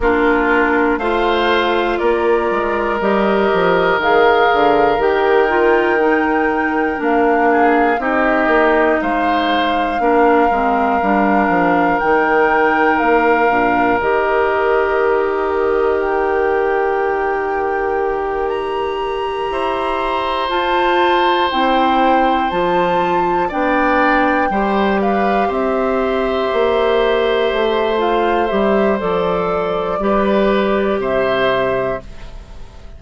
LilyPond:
<<
  \new Staff \with { instrumentName = "flute" } { \time 4/4 \tempo 4 = 60 ais'4 f''4 d''4 dis''4 | f''4 g''2 f''4 | dis''4 f''2. | g''4 f''4 dis''2 |
g''2~ g''8 ais''4.~ | ais''8 a''4 g''4 a''4 g''8~ | g''4 f''8 e''2~ e''8 | f''8 e''8 d''2 e''4 | }
  \new Staff \with { instrumentName = "oboe" } { \time 4/4 f'4 c''4 ais'2~ | ais'2.~ ais'8 gis'8 | g'4 c''4 ais'2~ | ais'1~ |
ais'2.~ ais'8 c''8~ | c''2.~ c''8 d''8~ | d''8 c''8 b'8 c''2~ c''8~ | c''2 b'4 c''4 | }
  \new Staff \with { instrumentName = "clarinet" } { \time 4/4 d'4 f'2 g'4 | gis'4 g'8 f'8 dis'4 d'4 | dis'2 d'8 c'8 d'4 | dis'4. d'8 g'2~ |
g'1~ | g'8 f'4 e'4 f'4 d'8~ | d'8 g'2.~ g'8 | f'8 g'8 a'4 g'2 | }
  \new Staff \with { instrumentName = "bassoon" } { \time 4/4 ais4 a4 ais8 gis8 g8 f8 | dis8 d8 dis2 ais4 | c'8 ais8 gis4 ais8 gis8 g8 f8 | dis4 ais8 ais,8 dis2~ |
dis2.~ dis8 e'8~ | e'8 f'4 c'4 f4 b8~ | b8 g4 c'4 ais4 a8~ | a8 g8 f4 g4 c4 | }
>>